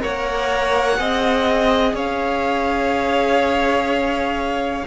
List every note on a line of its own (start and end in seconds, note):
0.00 1.00 A#3
0.00 0.97 A#4
0.00 1.00 C#5
0.00 1.98 F#5
0.97 1.94 C4
0.97 4.84 G#4
0.97 1.95 D#5
1.94 4.84 C#4
1.94 4.85 C#5
1.94 4.87 F5